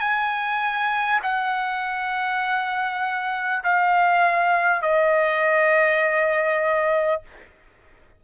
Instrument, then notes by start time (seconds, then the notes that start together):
trumpet
0.00 G#5
1.23 F#5
3.64 F5
4.83 D#5